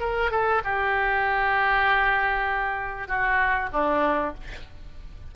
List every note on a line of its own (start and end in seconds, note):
0.00 0.31 A#4
0.31 0.62 A4
0.64 3.08 G4
3.08 3.70 F#4
3.73 4.35 D4